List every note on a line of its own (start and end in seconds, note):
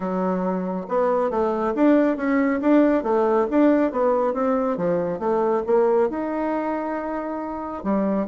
0.00 0.86 F#3
0.88 1.30 B3
1.30 1.73 A3
1.75 2.16 D4
2.16 2.60 C#4
2.61 3.03 D4
3.03 3.46 A3
3.50 3.91 D4
3.91 4.33 B3
4.33 4.77 C4
4.77 5.19 F3
5.19 5.62 A3
5.66 6.09 A#3
6.09 7.83 D#4
7.83 8.27 G3